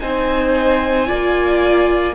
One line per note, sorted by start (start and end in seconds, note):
0.00 1.10 C4
0.00 1.07 D#4
0.00 1.08 C5
0.00 2.14 G#5
1.07 2.16 A#3
1.07 2.14 F4
1.07 2.15 D5